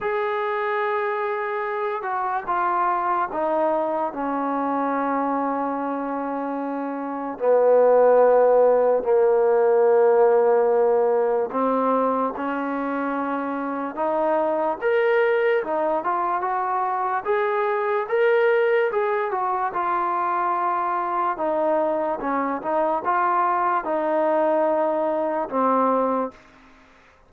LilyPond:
\new Staff \with { instrumentName = "trombone" } { \time 4/4 \tempo 4 = 73 gis'2~ gis'8 fis'8 f'4 | dis'4 cis'2.~ | cis'4 b2 ais4~ | ais2 c'4 cis'4~ |
cis'4 dis'4 ais'4 dis'8 f'8 | fis'4 gis'4 ais'4 gis'8 fis'8 | f'2 dis'4 cis'8 dis'8 | f'4 dis'2 c'4 | }